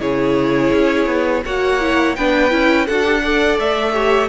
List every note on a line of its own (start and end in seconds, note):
0.00 0.72 C#3
0.00 1.43 E4
0.00 1.43 G#4
0.00 1.44 C#5
0.73 1.07 C#4
1.07 1.42 B3
1.45 2.17 A#3
1.45 1.81 F#4
1.45 2.17 C#5
1.45 2.16 F#5
1.81 2.17 E4
2.16 2.52 B3
2.16 2.51 D4
2.16 2.86 B4
2.16 2.87 G5
2.51 2.88 C#4
2.51 2.87 E4
2.86 3.59 D4
2.86 3.04 F#4
2.86 3.22 A4
2.86 3.58 F#5
3.04 3.22 G4
3.24 3.93 A4
3.24 3.93 D5
3.59 4.29 A3
3.59 4.29 E5
3.93 4.29 G4
3.93 4.29 C#5